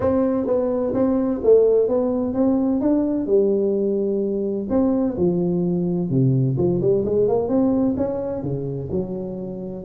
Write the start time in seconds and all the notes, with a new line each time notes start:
0.00 C4
0.46 B3
0.94 C4
1.43 A3
1.87 B3
2.33 C4
2.80 D4
3.26 G3
4.69 C4
5.17 F3
6.09 C3
6.57 F3
6.81 G3
7.05 G#3
7.27 A#3
7.48 C4
7.97 C#4
8.42 C#3
8.91 F#3